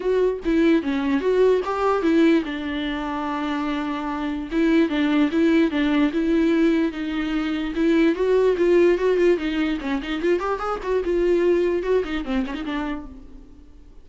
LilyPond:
\new Staff \with { instrumentName = "viola" } { \time 4/4 \tempo 4 = 147 fis'4 e'4 cis'4 fis'4 | g'4 e'4 d'2~ | d'2. e'4 | d'4 e'4 d'4 e'4~ |
e'4 dis'2 e'4 | fis'4 f'4 fis'8 f'8 dis'4 | cis'8 dis'8 f'8 g'8 gis'8 fis'8 f'4~ | f'4 fis'8 dis'8 c'8 cis'16 dis'16 d'4 | }